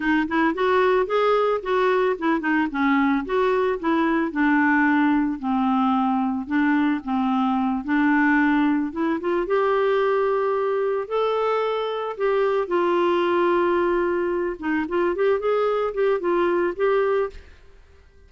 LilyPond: \new Staff \with { instrumentName = "clarinet" } { \time 4/4 \tempo 4 = 111 dis'8 e'8 fis'4 gis'4 fis'4 | e'8 dis'8 cis'4 fis'4 e'4 | d'2 c'2 | d'4 c'4. d'4.~ |
d'8 e'8 f'8 g'2~ g'8~ | g'8 a'2 g'4 f'8~ | f'2. dis'8 f'8 | g'8 gis'4 g'8 f'4 g'4 | }